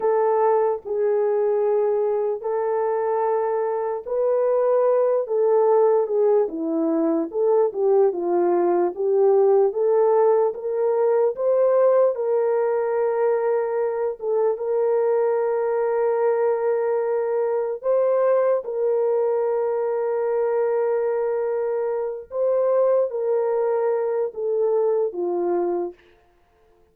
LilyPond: \new Staff \with { instrumentName = "horn" } { \time 4/4 \tempo 4 = 74 a'4 gis'2 a'4~ | a'4 b'4. a'4 gis'8 | e'4 a'8 g'8 f'4 g'4 | a'4 ais'4 c''4 ais'4~ |
ais'4. a'8 ais'2~ | ais'2 c''4 ais'4~ | ais'2.~ ais'8 c''8~ | c''8 ais'4. a'4 f'4 | }